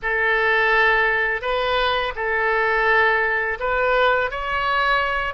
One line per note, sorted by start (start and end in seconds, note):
0.02 1.41 A4
1.41 2.13 B4
2.15 3.58 A4
3.59 4.31 B4
4.31 5.34 C#5